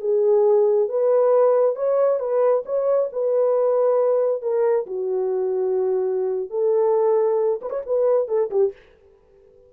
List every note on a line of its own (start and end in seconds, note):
0.00 0.88 G#4
0.89 1.75 B4
1.75 2.19 C#5
2.19 2.63 B4
2.65 3.09 C#5
3.12 4.42 B4
4.42 4.86 A#4
4.86 6.50 F#4
6.50 7.60 A4
7.61 7.70 B4
7.70 7.81 C#5
7.85 8.27 B4
8.27 8.49 A4
8.50 8.72 G4